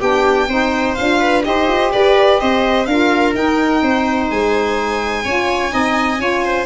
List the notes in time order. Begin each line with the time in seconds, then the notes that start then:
0.00 B3 D4 G4 G5
0.48 C4 D#4 C5
0.95 D4 F4 F5
1.20 B4
1.43 D#4 G4 C5 D#5
1.68 F4
1.92 G4 B4 D5
2.40 C4 C5 D#5
2.86 D4 F4 A#4 F5
3.34 D#4 G5
3.82 C4 C5
4.30 G#3 G#5
5.25 C#4 F4 C#5
5.70 C4 D#4 D#5
6.18 C#4 F4 C#5
6.45 C5